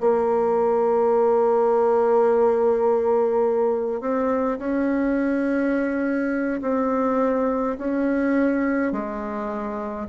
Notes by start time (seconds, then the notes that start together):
0.00 A#3
4.01 C4
4.58 C#4
6.61 C4
7.78 C#4
8.92 G#3